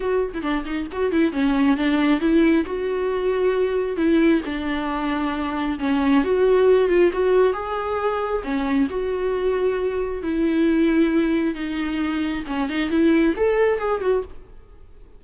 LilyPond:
\new Staff \with { instrumentName = "viola" } { \time 4/4 \tempo 4 = 135 fis'8. e'16 d'8 dis'8 fis'8 e'8 cis'4 | d'4 e'4 fis'2~ | fis'4 e'4 d'2~ | d'4 cis'4 fis'4. f'8 |
fis'4 gis'2 cis'4 | fis'2. e'4~ | e'2 dis'2 | cis'8 dis'8 e'4 a'4 gis'8 fis'8 | }